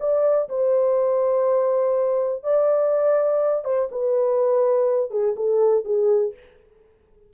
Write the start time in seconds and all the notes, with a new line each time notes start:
0.00 D5
0.49 C5
2.44 D5
3.65 C5
3.92 B4
5.11 G#4
5.36 A4
5.85 G#4